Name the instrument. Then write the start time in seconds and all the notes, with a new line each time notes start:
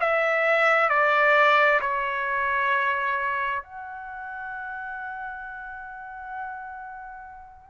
trumpet
0.00 E5
0.89 D5
1.81 C#5
3.63 F#5